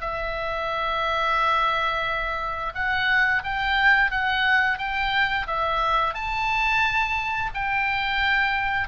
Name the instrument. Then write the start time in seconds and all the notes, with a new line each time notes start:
oboe
0.00 E5
2.74 F#5
3.43 G5
4.11 F#5
4.78 G5
5.47 E5
6.14 A5
7.54 G5